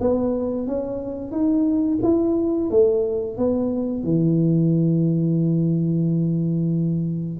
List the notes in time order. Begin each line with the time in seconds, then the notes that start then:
0.00 B3
0.67 C#4
1.31 D#4
2.03 E4
2.70 A3
3.37 B3
4.03 E3